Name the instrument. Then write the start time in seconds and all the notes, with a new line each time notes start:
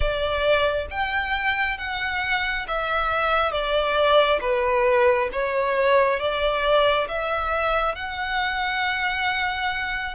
violin
0.00 D5
0.90 G5
1.78 F#5
2.67 E5
3.51 D5
4.40 B4
5.32 C#5
6.19 D5
7.07 E5
7.95 F#5